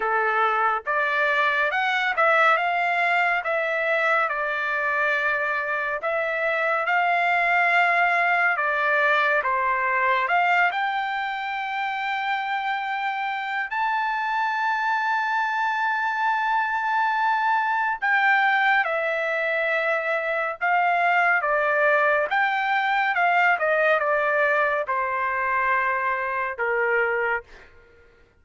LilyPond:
\new Staff \with { instrumentName = "trumpet" } { \time 4/4 \tempo 4 = 70 a'4 d''4 fis''8 e''8 f''4 | e''4 d''2 e''4 | f''2 d''4 c''4 | f''8 g''2.~ g''8 |
a''1~ | a''4 g''4 e''2 | f''4 d''4 g''4 f''8 dis''8 | d''4 c''2 ais'4 | }